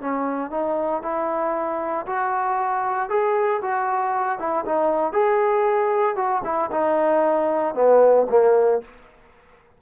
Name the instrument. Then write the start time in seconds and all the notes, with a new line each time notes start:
trombone
0.00 C#4
0.50 D#4
1.02 E4
2.06 F#4
3.09 G#4
3.61 F#4
4.38 E4
4.65 D#4
5.12 G#4
6.16 F#4
6.44 E4
6.71 D#4
7.74 B3
8.29 A#3